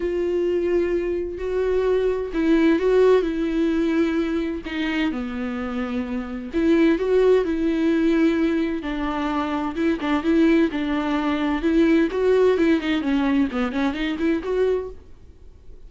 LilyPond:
\new Staff \with { instrumentName = "viola" } { \time 4/4 \tempo 4 = 129 f'2. fis'4~ | fis'4 e'4 fis'4 e'4~ | e'2 dis'4 b4~ | b2 e'4 fis'4 |
e'2. d'4~ | d'4 e'8 d'8 e'4 d'4~ | d'4 e'4 fis'4 e'8 dis'8 | cis'4 b8 cis'8 dis'8 e'8 fis'4 | }